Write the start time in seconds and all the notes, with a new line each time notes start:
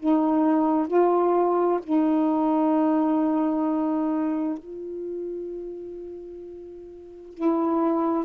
0.00 D#4
0.88 F4
1.84 D#4
4.59 F4
7.34 E4